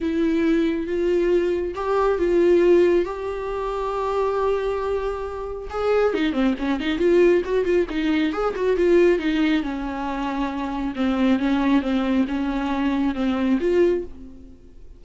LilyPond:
\new Staff \with { instrumentName = "viola" } { \time 4/4 \tempo 4 = 137 e'2 f'2 | g'4 f'2 g'4~ | g'1~ | g'4 gis'4 dis'8 c'8 cis'8 dis'8 |
f'4 fis'8 f'8 dis'4 gis'8 fis'8 | f'4 dis'4 cis'2~ | cis'4 c'4 cis'4 c'4 | cis'2 c'4 f'4 | }